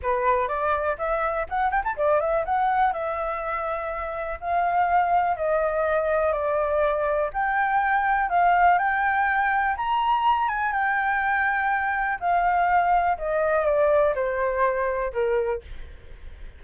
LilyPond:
\new Staff \with { instrumentName = "flute" } { \time 4/4 \tempo 4 = 123 b'4 d''4 e''4 fis''8 g''16 a''16 | d''8 e''8 fis''4 e''2~ | e''4 f''2 dis''4~ | dis''4 d''2 g''4~ |
g''4 f''4 g''2 | ais''4. gis''8 g''2~ | g''4 f''2 dis''4 | d''4 c''2 ais'4 | }